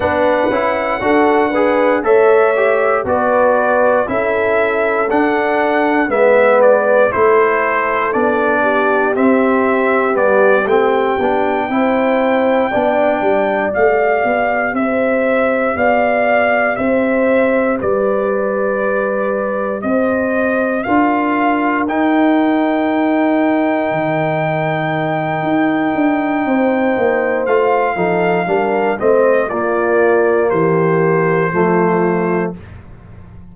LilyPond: <<
  \new Staff \with { instrumentName = "trumpet" } { \time 4/4 \tempo 4 = 59 fis''2 e''4 d''4 | e''4 fis''4 e''8 d''8 c''4 | d''4 e''4 d''8 g''4.~ | g''4. f''4 e''4 f''8~ |
f''8 e''4 d''2 dis''8~ | dis''8 f''4 g''2~ g''8~ | g''2. f''4~ | f''8 dis''8 d''4 c''2 | }
  \new Staff \with { instrumentName = "horn" } { \time 4/4 b'4 a'8 b'8 cis''4 b'4 | a'2 b'4 a'4~ | a'8 g'2. c''8~ | c''8 d''2 c''4 d''8~ |
d''8 c''4 b'2 c''8~ | c''8 ais'2.~ ais'8~ | ais'2 c''4. a'8 | ais'8 c''8 f'4 g'4 f'4 | }
  \new Staff \with { instrumentName = "trombone" } { \time 4/4 d'8 e'8 fis'8 gis'8 a'8 g'8 fis'4 | e'4 d'4 b4 e'4 | d'4 c'4 b8 c'8 d'8 e'8~ | e'8 d'4 g'2~ g'8~ |
g'1~ | g'8 f'4 dis'2~ dis'8~ | dis'2. f'8 dis'8 | d'8 c'8 ais2 a4 | }
  \new Staff \with { instrumentName = "tuba" } { \time 4/4 b8 cis'8 d'4 a4 b4 | cis'4 d'4 gis4 a4 | b4 c'4 g8 a8 b8 c'8~ | c'8 b8 g8 a8 b8 c'4 b8~ |
b8 c'4 g2 c'8~ | c'8 d'4 dis'2 dis8~ | dis4 dis'8 d'8 c'8 ais8 a8 f8 | g8 a8 ais4 e4 f4 | }
>>